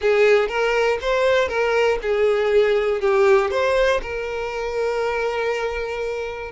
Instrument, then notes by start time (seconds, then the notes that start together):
violin
0.01 G#4
0.48 A#4
1.01 C5
1.48 A#4
2.02 G#4
3.00 G4
3.50 C5
4.02 A#4